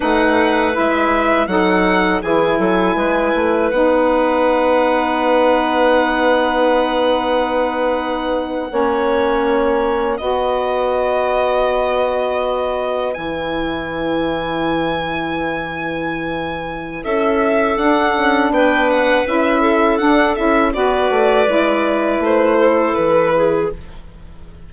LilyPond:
<<
  \new Staff \with { instrumentName = "violin" } { \time 4/4 \tempo 4 = 81 fis''4 e''4 fis''4 gis''4~ | gis''4 fis''2.~ | fis''1~ | fis''4.~ fis''16 dis''2~ dis''16~ |
dis''4.~ dis''16 gis''2~ gis''16~ | gis''2. e''4 | fis''4 g''8 fis''8 e''4 fis''8 e''8 | d''2 c''4 b'4 | }
  \new Staff \with { instrumentName = "clarinet" } { \time 4/4 b'2 a'4 gis'8 a'8 | b'1~ | b'2.~ b'8. cis''16~ | cis''4.~ cis''16 b'2~ b'16~ |
b'1~ | b'2. a'4~ | a'4 b'4. a'4. | b'2~ b'8 a'4 gis'8 | }
  \new Staff \with { instrumentName = "saxophone" } { \time 4/4 dis'4 e'4 dis'4 e'4~ | e'4 dis'2.~ | dis'2.~ dis'8. cis'16~ | cis'4.~ cis'16 fis'2~ fis'16~ |
fis'4.~ fis'16 e'2~ e'16~ | e'1 | d'2 e'4 d'8 e'8 | fis'4 e'2. | }
  \new Staff \with { instrumentName = "bassoon" } { \time 4/4 a4 gis4 fis4 e8 fis8 | gis8 a8 b2.~ | b2.~ b8. ais16~ | ais4.~ ais16 b2~ b16~ |
b4.~ b16 e2~ e16~ | e2. cis'4 | d'8 cis'8 b4 cis'4 d'8 cis'8 | b8 a8 gis4 a4 e4 | }
>>